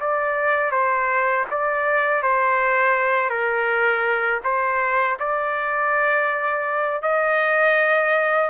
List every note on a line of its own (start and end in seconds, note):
0.00 0.71 D5
0.71 1.45 C5
1.51 2.23 D5
2.23 3.30 C5
3.30 4.41 A#4
4.44 5.18 C5
5.20 7.02 D5
7.02 8.50 D#5